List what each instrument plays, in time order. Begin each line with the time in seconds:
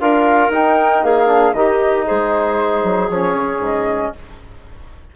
0.00 bassoon D4, trombone F4, clarinet A#4, flute F5
0.50 bassoon D#4, trombone D#4, flute G5
1.03 bassoon A#3, clarinet G#4, flute F5
1.27 trombone D4
1.53 bassoon D#3, trombone D#4, clarinet G4, flute D#5
2.06 bassoon G#3, clarinet G#4, flute C5
2.84 bassoon F#3
3.10 bassoon F3, trombone C#4, flute C#5
3.34 bassoon C#3
3.59 bassoon G#2, flute D#5